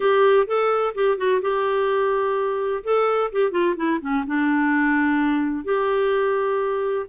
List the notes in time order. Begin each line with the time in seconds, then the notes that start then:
0.00 G4
0.46 A4
0.94 G4
1.17 F#4
1.41 G4
2.83 A4
3.32 G4
3.51 F4
3.76 E4
4.01 C#4
4.26 D4
5.64 G4